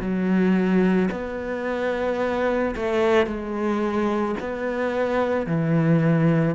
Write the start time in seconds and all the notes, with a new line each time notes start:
0.00 F#3
1.11 B3
2.76 A3
3.26 G#3
4.40 B3
5.46 E3